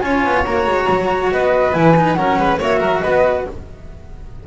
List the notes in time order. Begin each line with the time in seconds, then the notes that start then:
0.00 C#4 F4 C#5 G#5
0.24 B3
0.45 A#3 F#4 A#5
0.66 G#3
0.89 F#3
1.31 B3 B4 D#5
1.73 E3 E4 G#5
1.96 D#4
2.14 F#3 C#4 A#4 F#5
2.38 G#3 B4
2.59 A#3 F#4 C#5 E5
2.79 F#3 A#4
3.01 B3 B4 D#5